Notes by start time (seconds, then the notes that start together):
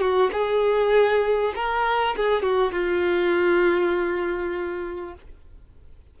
0.00 F#4
0.32 G#4
1.55 A#4
2.16 G#4
2.42 F#4
2.72 F4